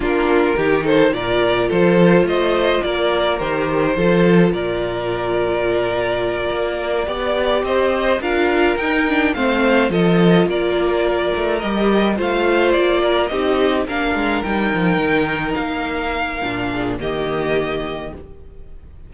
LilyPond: <<
  \new Staff \with { instrumentName = "violin" } { \time 4/4 \tempo 4 = 106 ais'4. c''8 d''4 c''4 | dis''4 d''4 c''2 | d''1~ | d''4. dis''4 f''4 g''8~ |
g''8 f''4 dis''4 d''4.~ | d''8 dis''4 f''4 d''4 dis''8~ | dis''8 f''4 g''2 f''8~ | f''2 dis''2 | }
  \new Staff \with { instrumentName = "violin" } { \time 4/4 f'4 g'8 a'8 ais'4 a'4 | c''4 ais'2 a'4 | ais'1~ | ais'8 d''4 c''4 ais'4.~ |
ais'8 c''4 a'4 ais'4.~ | ais'4. c''4. ais'8 g'8~ | g'8 ais'2.~ ais'8~ | ais'4. gis'8 g'2 | }
  \new Staff \with { instrumentName = "viola" } { \time 4/4 d'4 dis'4 f'2~ | f'2 g'4 f'4~ | f'1~ | f'8 g'2 f'4 dis'8 |
d'8 c'4 f'2~ f'8~ | f'8 g'4 f'2 dis'8~ | dis'8 d'4 dis'2~ dis'8~ | dis'4 d'4 ais2 | }
  \new Staff \with { instrumentName = "cello" } { \time 4/4 ais4 dis4 ais,4 f4 | a4 ais4 dis4 f4 | ais,2.~ ais,8 ais8~ | ais8 b4 c'4 d'4 dis'8~ |
dis'8 a4 f4 ais4. | a8 g4 a4 ais4 c'8~ | c'8 ais8 gis8 g8 f8 dis4 ais8~ | ais4 ais,4 dis2 | }
>>